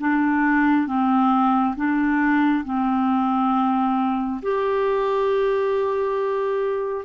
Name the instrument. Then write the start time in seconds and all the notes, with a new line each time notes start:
clarinet
0.00 D4
0.87 C4
1.76 D4
2.65 C4
4.43 G4